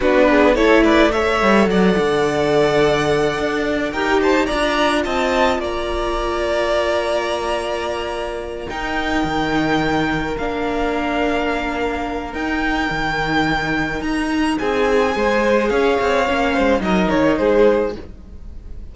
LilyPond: <<
  \new Staff \with { instrumentName = "violin" } { \time 4/4 \tempo 4 = 107 b'4 cis''8 d''8 e''4 fis''4~ | fis''2. g''8 a''8 | ais''4 a''4 ais''2~ | ais''2.~ ais''8 g''8~ |
g''2~ g''8 f''4.~ | f''2 g''2~ | g''4 ais''4 gis''2 | f''2 dis''8 cis''8 c''4 | }
  \new Staff \with { instrumentName = "violin" } { \time 4/4 fis'8 gis'8 a'8 b'8 cis''4 d''4~ | d''2. ais'8 c''8 | d''4 dis''4 d''2~ | d''2.~ d''8 ais'8~ |
ais'1~ | ais'1~ | ais'2 gis'4 c''4 | cis''4. c''8 ais'4 gis'4 | }
  \new Staff \with { instrumentName = "viola" } { \time 4/4 d'4 e'4 a'2~ | a'2. g'4 | f'1~ | f'2.~ f'8 dis'8~ |
dis'2~ dis'8 d'4.~ | d'2 dis'2~ | dis'2. gis'4~ | gis'4 cis'4 dis'2 | }
  \new Staff \with { instrumentName = "cello" } { \time 4/4 b4 a4. g8 fis8 d8~ | d2 d'4 dis'4 | d'4 c'4 ais2~ | ais2.~ ais8 dis'8~ |
dis'8 dis2 ais4.~ | ais2 dis'4 dis4~ | dis4 dis'4 c'4 gis4 | cis'8 c'8 ais8 gis8 fis8 dis8 gis4 | }
>>